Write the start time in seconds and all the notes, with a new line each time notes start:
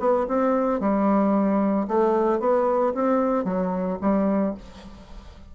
0.00 B3
0.28 C4
0.81 G3
1.88 A3
2.40 B3
2.95 C4
3.45 F#3
4.02 G3